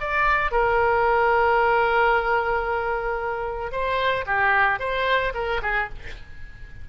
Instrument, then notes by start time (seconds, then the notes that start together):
oboe
0.00 D5
0.51 A#4
3.71 C5
4.26 G4
4.79 C5
5.34 A#4
5.62 G#4